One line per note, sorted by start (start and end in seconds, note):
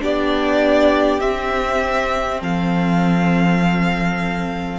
0.00 1.22 B3
0.00 1.20 D4
0.00 2.40 G4
0.00 1.20 D5
1.20 4.79 C4
1.20 2.42 C4
1.20 2.40 E5
2.40 4.79 F3
2.40 4.79 A4
2.40 4.79 F5